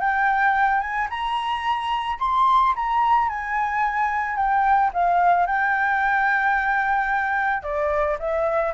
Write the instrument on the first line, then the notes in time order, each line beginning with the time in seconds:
flute
0.00 G5
0.81 G#5
1.10 A#5
2.19 C6
2.75 A#5
3.29 G#5
4.36 G5
4.93 F5
5.46 G5
7.63 D5
8.19 E5